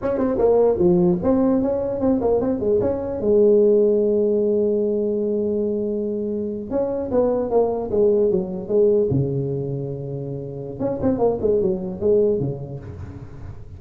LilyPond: \new Staff \with { instrumentName = "tuba" } { \time 4/4 \tempo 4 = 150 cis'8 c'8 ais4 f4 c'4 | cis'4 c'8 ais8 c'8 gis8 cis'4 | gis1~ | gis1~ |
gis8. cis'4 b4 ais4 gis16~ | gis8. fis4 gis4 cis4~ cis16~ | cis2. cis'8 c'8 | ais8 gis8 fis4 gis4 cis4 | }